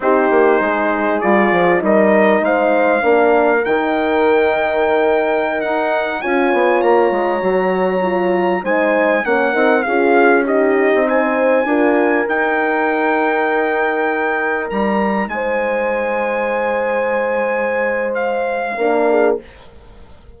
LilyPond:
<<
  \new Staff \with { instrumentName = "trumpet" } { \time 4/4 \tempo 4 = 99 c''2 d''4 dis''4 | f''2 g''2~ | g''4~ g''16 fis''4 gis''4 ais''8.~ | ais''2~ ais''16 gis''4 fis''8.~ |
fis''16 f''4 dis''4 gis''4.~ gis''16~ | gis''16 g''2.~ g''8.~ | g''16 ais''4 gis''2~ gis''8.~ | gis''2 f''2 | }
  \new Staff \with { instrumentName = "horn" } { \time 4/4 g'4 gis'2 ais'4 | c''4 ais'2.~ | ais'2~ ais'16 cis''4.~ cis''16~ | cis''2~ cis''16 c''4 ais'8.~ |
ais'16 gis'4 g'4 c''4 ais'8.~ | ais'1~ | ais'4~ ais'16 c''2~ c''8.~ | c''2. ais'8 gis'8 | }
  \new Staff \with { instrumentName = "horn" } { \time 4/4 dis'2 f'4 dis'4~ | dis'4 d'4 dis'2~ | dis'2~ dis'16 f'4.~ f'16~ | f'16 fis'4 f'4 dis'4 cis'8 dis'16~ |
dis'16 f'4 dis'2 f'8.~ | f'16 dis'2.~ dis'8.~ | dis'1~ | dis'2. d'4 | }
  \new Staff \with { instrumentName = "bassoon" } { \time 4/4 c'8 ais8 gis4 g8 f8 g4 | gis4 ais4 dis2~ | dis4~ dis16 dis'4 cis'8 b8 ais8 gis16~ | gis16 fis2 gis4 ais8 c'16~ |
c'16 cis'4.~ cis'16 c'4~ c'16 d'8.~ | d'16 dis'2.~ dis'8.~ | dis'16 g4 gis2~ gis8.~ | gis2. ais4 | }
>>